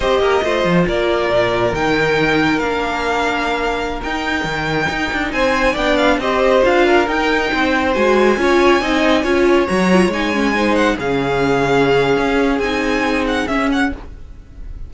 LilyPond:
<<
  \new Staff \with { instrumentName = "violin" } { \time 4/4 \tempo 4 = 138 dis''2 d''2 | g''2 f''2~ | f''4~ f''16 g''2~ g''8.~ | g''16 gis''4 g''8 f''8 dis''4 f''8.~ |
f''16 g''2 gis''4.~ gis''16~ | gis''2~ gis''16 ais''4 gis''8.~ | gis''8. fis''8 f''2~ f''8.~ | f''4 gis''4. fis''8 e''8 fis''8 | }
  \new Staff \with { instrumentName = "violin" } { \time 4/4 c''8 ais'8 c''4 ais'2~ | ais'1~ | ais'1~ | ais'16 c''4 d''4 c''4. ais'16~ |
ais'4~ ais'16 c''2 cis''8.~ | cis''16 dis''4 cis''2~ cis''8.~ | cis''16 c''4 gis'2~ gis'8.~ | gis'1 | }
  \new Staff \with { instrumentName = "viola" } { \time 4/4 g'4 f'2. | dis'2 d'2~ | d'4~ d'16 dis'2~ dis'8.~ | dis'4~ dis'16 d'4 g'4 f'8.~ |
f'16 dis'2 fis'4 f'8.~ | f'16 dis'4 f'4 fis'8 f'8 dis'8 cis'16~ | cis'16 dis'4 cis'2~ cis'8.~ | cis'4 dis'2 cis'4 | }
  \new Staff \with { instrumentName = "cello" } { \time 4/4 c'8 ais8 a8 f8 ais4 ais,4 | dis2 ais2~ | ais4~ ais16 dis'4 dis4 dis'8 d'16~ | d'16 c'4 b4 c'4 d'8.~ |
d'16 dis'4 c'4 gis4 cis'8.~ | cis'16 c'4 cis'4 fis4 gis8.~ | gis4~ gis16 cis2~ cis8. | cis'4 c'2 cis'4 | }
>>